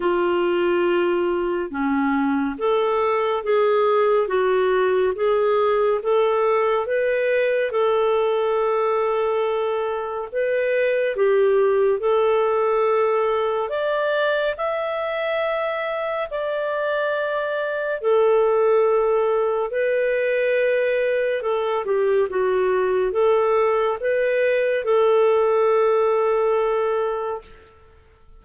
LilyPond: \new Staff \with { instrumentName = "clarinet" } { \time 4/4 \tempo 4 = 70 f'2 cis'4 a'4 | gis'4 fis'4 gis'4 a'4 | b'4 a'2. | b'4 g'4 a'2 |
d''4 e''2 d''4~ | d''4 a'2 b'4~ | b'4 a'8 g'8 fis'4 a'4 | b'4 a'2. | }